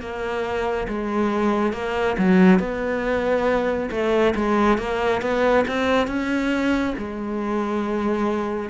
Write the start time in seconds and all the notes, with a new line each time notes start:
0.00 A#3
0.88 G#3
1.73 A#3
2.18 F#3
2.59 B3
3.91 A3
4.35 G#3
4.78 A#3
5.21 B3
5.68 C4
6.07 C#4
6.98 G#3